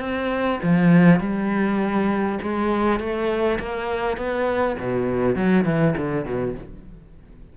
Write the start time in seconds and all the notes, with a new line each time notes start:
0.00 C4
0.63 F3
1.20 G3
2.42 G#3
2.99 A3
3.59 A#3
4.17 B3
4.78 B2
5.35 F#3
5.65 E3
5.97 D3
6.25 B2